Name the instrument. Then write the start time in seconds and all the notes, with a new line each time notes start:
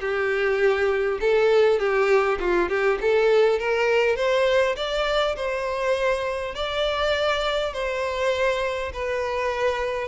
violin
0.00 G4
1.20 A4
1.79 G4
2.40 F4
2.69 G4
3.01 A4
3.59 A#4
4.16 C5
4.76 D5
5.36 C5
6.55 D5
7.73 C5
8.93 B4